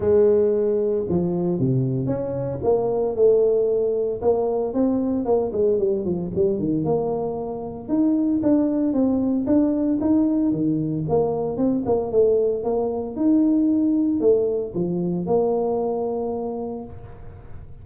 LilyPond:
\new Staff \with { instrumentName = "tuba" } { \time 4/4 \tempo 4 = 114 gis2 f4 c4 | cis'4 ais4 a2 | ais4 c'4 ais8 gis8 g8 f8 | g8 dis8 ais2 dis'4 |
d'4 c'4 d'4 dis'4 | dis4 ais4 c'8 ais8 a4 | ais4 dis'2 a4 | f4 ais2. | }